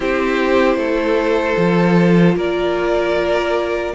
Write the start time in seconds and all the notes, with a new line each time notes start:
0.00 C4 E4 G4 C5
0.76 A3 A4
1.56 F3 F4
2.35 A#3 A#4 D5